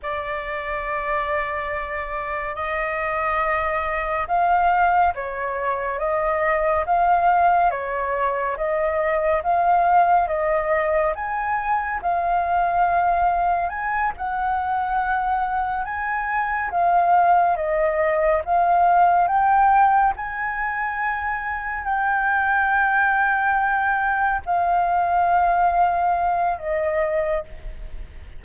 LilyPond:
\new Staff \with { instrumentName = "flute" } { \time 4/4 \tempo 4 = 70 d''2. dis''4~ | dis''4 f''4 cis''4 dis''4 | f''4 cis''4 dis''4 f''4 | dis''4 gis''4 f''2 |
gis''8 fis''2 gis''4 f''8~ | f''8 dis''4 f''4 g''4 gis''8~ | gis''4. g''2~ g''8~ | g''8 f''2~ f''8 dis''4 | }